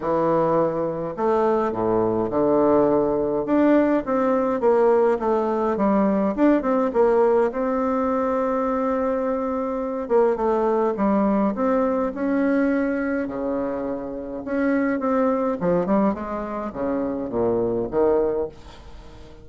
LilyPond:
\new Staff \with { instrumentName = "bassoon" } { \time 4/4 \tempo 4 = 104 e2 a4 a,4 | d2 d'4 c'4 | ais4 a4 g4 d'8 c'8 | ais4 c'2.~ |
c'4. ais8 a4 g4 | c'4 cis'2 cis4~ | cis4 cis'4 c'4 f8 g8 | gis4 cis4 ais,4 dis4 | }